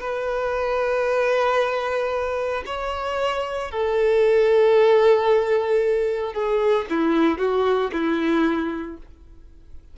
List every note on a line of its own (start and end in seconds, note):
0.00 2.63 B4
2.66 3.71 C#5
3.71 6.33 A4
6.33 6.86 G#4
6.90 7.38 E4
7.38 7.91 F#4
7.92 8.97 E4